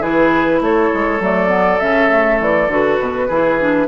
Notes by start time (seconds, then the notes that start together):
0.00 E3 E4 G#4 B4
0.61 A3 A4 C#5
0.93 G#3
1.20 F#3 A3 D5
1.48 B3
1.79 C#3 C#4 E5
2.09 A3
2.40 E3 D5
2.68 D3 F#4 B4
3.00 B2
3.27 E3 E4 G#4
3.59 D4